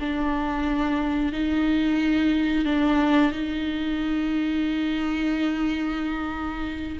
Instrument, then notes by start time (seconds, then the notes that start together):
viola
0.00 D4
1.32 D#4
2.65 D4
3.32 D#4